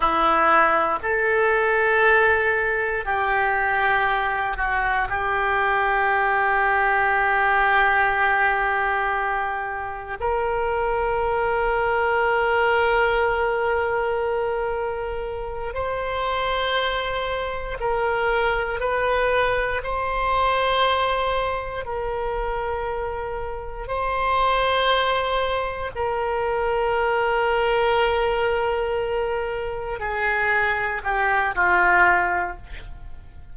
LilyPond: \new Staff \with { instrumentName = "oboe" } { \time 4/4 \tempo 4 = 59 e'4 a'2 g'4~ | g'8 fis'8 g'2.~ | g'2 ais'2~ | ais'2.~ ais'8 c''8~ |
c''4. ais'4 b'4 c''8~ | c''4. ais'2 c''8~ | c''4. ais'2~ ais'8~ | ais'4. gis'4 g'8 f'4 | }